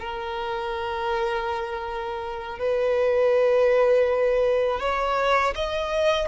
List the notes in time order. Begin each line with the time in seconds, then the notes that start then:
0.00 A#4
2.59 B4
4.80 C#5
5.56 D#5